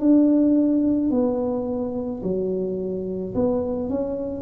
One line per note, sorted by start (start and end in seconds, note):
0.00 1.11 D4
1.11 2.22 B3
2.23 3.34 F#3
3.35 3.90 B3
3.90 4.42 C#4